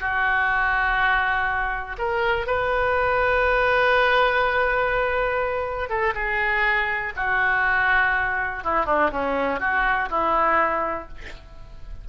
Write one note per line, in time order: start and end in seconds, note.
0.00 1.97 F#4
1.98 2.47 A#4
2.47 5.90 B4
5.90 6.14 A4
6.15 7.13 G#4
7.16 8.64 F#4
8.64 8.86 E4
8.86 9.11 D4
9.12 9.60 C#4
9.60 10.09 F#4
10.10 11.09 E4